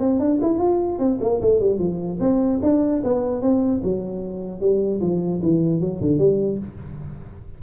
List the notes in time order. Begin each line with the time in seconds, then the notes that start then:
0.00 C4
0.20 D4
0.42 E4
0.59 F4
0.99 C4
1.21 A#3
1.42 A3
1.61 G3
1.79 F3
2.21 C4
2.63 D4
3.04 B3
3.42 C4
3.84 F#3
4.61 G3
5.01 F3
5.43 E3
5.81 F#3
6.01 D3
6.19 G3